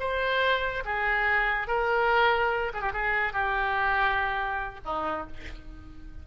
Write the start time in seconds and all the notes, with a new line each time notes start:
0.00 C5
0.85 G#4
1.68 A#4
2.74 G#4
2.82 G4
2.94 G#4
3.34 G4
4.85 D#4